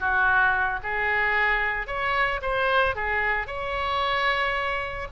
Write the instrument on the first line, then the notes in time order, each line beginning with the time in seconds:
oboe
0.00 F#4
0.84 G#4
1.87 C#5
2.42 C5
2.96 G#4
3.47 C#5